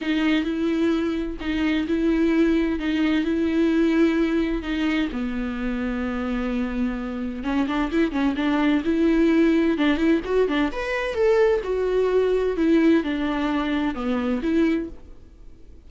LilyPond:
\new Staff \with { instrumentName = "viola" } { \time 4/4 \tempo 4 = 129 dis'4 e'2 dis'4 | e'2 dis'4 e'4~ | e'2 dis'4 b4~ | b1 |
cis'8 d'8 e'8 cis'8 d'4 e'4~ | e'4 d'8 e'8 fis'8 d'8 b'4 | a'4 fis'2 e'4 | d'2 b4 e'4 | }